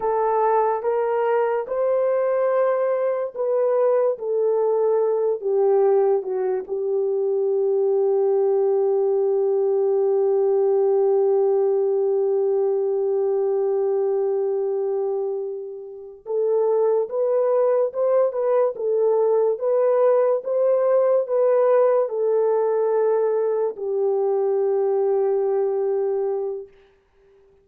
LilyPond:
\new Staff \with { instrumentName = "horn" } { \time 4/4 \tempo 4 = 72 a'4 ais'4 c''2 | b'4 a'4. g'4 fis'8 | g'1~ | g'1~ |
g'2.~ g'8 a'8~ | a'8 b'4 c''8 b'8 a'4 b'8~ | b'8 c''4 b'4 a'4.~ | a'8 g'2.~ g'8 | }